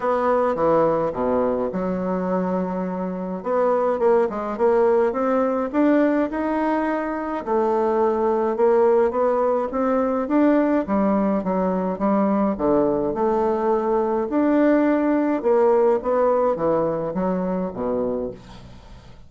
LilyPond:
\new Staff \with { instrumentName = "bassoon" } { \time 4/4 \tempo 4 = 105 b4 e4 b,4 fis4~ | fis2 b4 ais8 gis8 | ais4 c'4 d'4 dis'4~ | dis'4 a2 ais4 |
b4 c'4 d'4 g4 | fis4 g4 d4 a4~ | a4 d'2 ais4 | b4 e4 fis4 b,4 | }